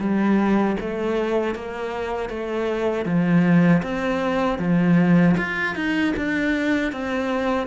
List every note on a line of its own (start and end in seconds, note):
0.00 0.77 G3
0.80 1.55 A3
1.55 2.29 A#3
2.29 3.06 A3
3.06 3.83 F3
3.83 4.59 C4
4.59 5.36 F3
5.38 5.76 F4
5.76 6.14 D#4
6.17 6.93 D4
6.93 7.67 C4